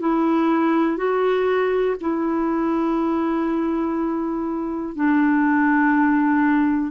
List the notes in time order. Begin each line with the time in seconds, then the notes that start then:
0.00 E4
0.97 F#4
2.01 E4
4.95 D4